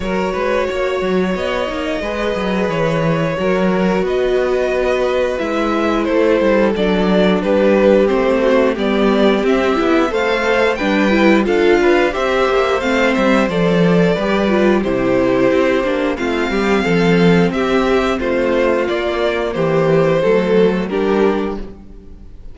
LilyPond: <<
  \new Staff \with { instrumentName = "violin" } { \time 4/4 \tempo 4 = 89 cis''2 dis''2 | cis''2 dis''2 | e''4 c''4 d''4 b'4 | c''4 d''4 e''4 f''4 |
g''4 f''4 e''4 f''8 e''8 | d''2 c''2 | f''2 e''4 c''4 | d''4 c''2 ais'4 | }
  \new Staff \with { instrumentName = "violin" } { \time 4/4 ais'8 b'8 cis''2 b'4~ | b'4 ais'4 b'2~ | b'4 a'2 g'4~ | g'8 fis'8 g'2 c''4 |
b'4 a'8 b'8 c''2~ | c''4 b'4 g'2 | f'8 g'8 a'4 g'4 f'4~ | f'4 g'4 a'4 g'4 | }
  \new Staff \with { instrumentName = "viola" } { \time 4/4 fis'2~ fis'8 dis'8 gis'4~ | gis'4 fis'2. | e'2 d'2 | c'4 b4 c'8 e'8 a'4 |
d'8 e'8 f'4 g'4 c'4 | a'4 g'8 f'8 e'4. d'8 | c'1 | ais2 a4 d'4 | }
  \new Staff \with { instrumentName = "cello" } { \time 4/4 fis8 gis8 ais8 fis8 b8 ais8 gis8 fis8 | e4 fis4 b2 | gis4 a8 g8 fis4 g4 | a4 g4 c'8 b8 a4 |
g4 d'4 c'8 ais8 a8 g8 | f4 g4 c4 c'8 ais8 | a8 g8 f4 c'4 a4 | ais4 e4 fis4 g4 | }
>>